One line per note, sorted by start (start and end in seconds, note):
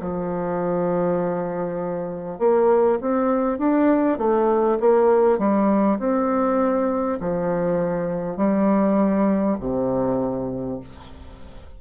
0.00 2.38 F3
2.38 2.98 A#3
3.01 3.58 C4
3.58 4.18 D4
4.18 4.78 A3
4.80 5.38 A#3
5.38 5.98 G3
5.99 7.19 C4
7.20 8.37 F3
8.37 9.57 G3
9.60 10.80 C3